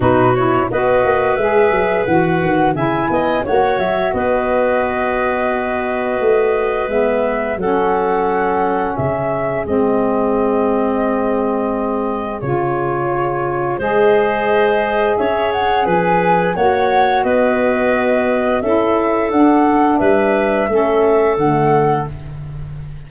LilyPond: <<
  \new Staff \with { instrumentName = "flute" } { \time 4/4 \tempo 4 = 87 b'8 cis''8 dis''4 e''4 fis''4 | gis''4 fis''8 e''8 dis''2~ | dis''2 e''4 fis''4~ | fis''4 e''4 dis''2~ |
dis''2 cis''2 | dis''2 e''8 fis''8 gis''4 | fis''4 dis''2 e''4 | fis''4 e''2 fis''4 | }
  \new Staff \with { instrumentName = "clarinet" } { \time 4/4 fis'4 b'2. | e''8 dis''8 cis''4 b'2~ | b'2. a'4~ | a'4 gis'2.~ |
gis'1 | c''2 cis''4 b'4 | cis''4 b'2 a'4~ | a'4 b'4 a'2 | }
  \new Staff \with { instrumentName = "saxophone" } { \time 4/4 dis'8 e'8 fis'4 gis'4 fis'4 | e'4 fis'2.~ | fis'2 b4 cis'4~ | cis'2 c'2~ |
c'2 f'2 | gis'1 | fis'2. e'4 | d'2 cis'4 a4 | }
  \new Staff \with { instrumentName = "tuba" } { \time 4/4 b,4 b8 ais8 gis8 fis8 e8 dis8 | cis8 b8 ais8 fis8 b2~ | b4 a4 gis4 fis4~ | fis4 cis4 gis2~ |
gis2 cis2 | gis2 cis'4 f4 | ais4 b2 cis'4 | d'4 g4 a4 d4 | }
>>